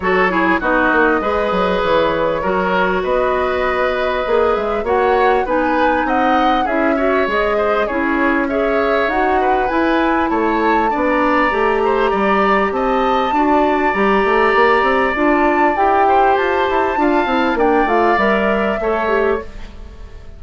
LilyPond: <<
  \new Staff \with { instrumentName = "flute" } { \time 4/4 \tempo 4 = 99 cis''4 dis''2 cis''4~ | cis''4 dis''2~ dis''8 e''8 | fis''4 gis''4 fis''4 e''4 | dis''4 cis''4 e''4 fis''4 |
gis''4 a''4~ a''16 ais''4.~ ais''16~ | ais''4 a''2 ais''4~ | ais''4 a''4 g''4 a''4~ | a''4 g''8 f''8 e''2 | }
  \new Staff \with { instrumentName = "oboe" } { \time 4/4 a'8 gis'8 fis'4 b'2 | ais'4 b'2. | cis''4 b'4 dis''4 gis'8 cis''8~ | cis''8 c''8 gis'4 cis''4. b'8~ |
b'4 cis''4 d''4. c''8 | d''4 dis''4 d''2~ | d''2~ d''8 c''4. | f''4 d''2 cis''4 | }
  \new Staff \with { instrumentName = "clarinet" } { \time 4/4 fis'8 e'8 dis'4 gis'2 | fis'2. gis'4 | fis'4 dis'2 e'8 fis'8 | gis'4 e'4 gis'4 fis'4 |
e'2 d'4 g'4~ | g'2 fis'4 g'4~ | g'4 f'4 g'2 | f'8 e'8 d'8 f'8 ais'4 a'8 g'8 | }
  \new Staff \with { instrumentName = "bassoon" } { \time 4/4 fis4 b8 ais8 gis8 fis8 e4 | fis4 b2 ais8 gis8 | ais4 b4 c'4 cis'4 | gis4 cis'2 dis'4 |
e'4 a4 b4 a4 | g4 c'4 d'4 g8 a8 | ais8 c'8 d'4 e'4 f'8 e'8 | d'8 c'8 ais8 a8 g4 a4 | }
>>